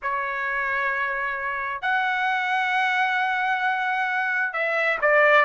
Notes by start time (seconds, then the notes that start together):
0.02 C#5
1.81 F#5
4.52 E5
5.01 D5